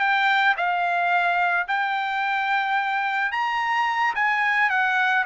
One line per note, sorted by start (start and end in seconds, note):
0.00 0.55 G5
0.57 1.67 F5
1.68 3.32 G5
3.32 4.14 A#5
4.15 4.70 G#5
4.70 5.25 F#5